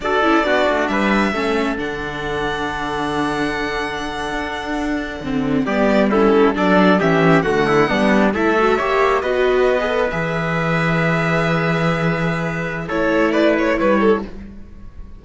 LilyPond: <<
  \new Staff \with { instrumentName = "violin" } { \time 4/4 \tempo 4 = 135 d''2 e''2 | fis''1~ | fis''1~ | fis''8. d''4 a'4 d''4 e''16~ |
e''8. fis''2 e''4~ e''16~ | e''8. dis''2 e''4~ e''16~ | e''1~ | e''4 cis''4 d''8 cis''8 b'8 a'8 | }
  \new Staff \with { instrumentName = "trumpet" } { \time 4/4 a'4 fis'4 b'4 a'4~ | a'1~ | a'1~ | a'8. g'4 e'4 a'4 g'16~ |
g'8. fis'8 e'8 d'4 a'4 cis''16~ | cis''8. b'2.~ b'16~ | b'1~ | b'4 a'4 b'4 cis''4 | }
  \new Staff \with { instrumentName = "viola" } { \time 4/4 fis'8 e'8 d'2 cis'4 | d'1~ | d'2.~ d'8. c'16~ | c'8. b4 cis'4 d'4 cis'16~ |
cis'8. a4 b4 e'8 fis'8 g'16~ | g'8. fis'4~ fis'16 gis'16 a'8 gis'4~ gis'16~ | gis'1~ | gis'4 e'2. | }
  \new Staff \with { instrumentName = "cello" } { \time 4/4 d'8 cis'8 b8 a8 g4 a4 | d1~ | d4.~ d16 d'2 d16~ | d8. g2 fis4 e16~ |
e8. d4 g4 a4 ais16~ | ais8. b2 e4~ e16~ | e1~ | e4 a2 g4 | }
>>